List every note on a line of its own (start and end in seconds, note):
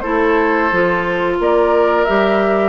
0.00 0.72 A3
0.00 0.71 E4
0.00 1.38 A4
0.00 1.35 C5
0.72 1.40 F3
0.72 2.07 F4
1.40 2.07 A#3
1.40 2.70 A#4
1.40 2.05 D5
2.05 2.70 G3
2.05 2.70 G4
2.05 2.70 E5